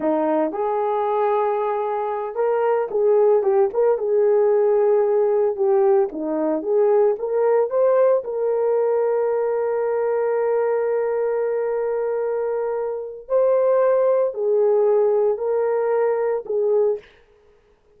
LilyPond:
\new Staff \with { instrumentName = "horn" } { \time 4/4 \tempo 4 = 113 dis'4 gis'2.~ | gis'8 ais'4 gis'4 g'8 ais'8 gis'8~ | gis'2~ gis'8 g'4 dis'8~ | dis'8 gis'4 ais'4 c''4 ais'8~ |
ais'1~ | ais'1~ | ais'4 c''2 gis'4~ | gis'4 ais'2 gis'4 | }